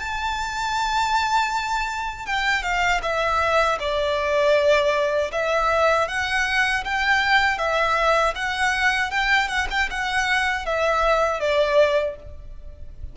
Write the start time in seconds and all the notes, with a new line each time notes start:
0.00 A5
2.26 G5
2.63 F5
3.03 E5
3.80 D5
5.32 E5
6.09 F#5
6.85 G5
7.58 E5
8.35 F#5
9.11 G5
9.49 F#5
9.71 G5
9.91 F#5
10.66 E5
11.40 D5